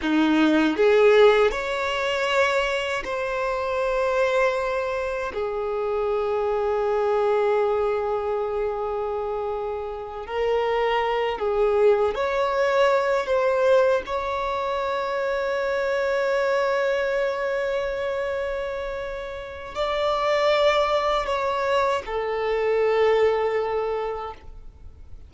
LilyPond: \new Staff \with { instrumentName = "violin" } { \time 4/4 \tempo 4 = 79 dis'4 gis'4 cis''2 | c''2. gis'4~ | gis'1~ | gis'4. ais'4. gis'4 |
cis''4. c''4 cis''4.~ | cis''1~ | cis''2 d''2 | cis''4 a'2. | }